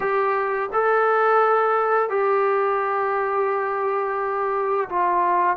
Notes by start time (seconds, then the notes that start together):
0.00 G4
0.72 A4
2.09 G4
4.89 F4